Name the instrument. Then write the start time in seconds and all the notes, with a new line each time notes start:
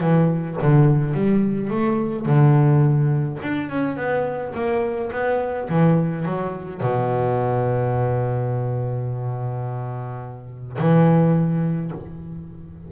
double bass
0.00 E3
0.62 D3
1.14 G3
1.70 A3
2.25 D3
3.42 D4
3.69 C#4
3.96 B3
4.54 A#3
5.12 B3
5.69 E3
6.25 F#3
6.81 B2
10.78 E3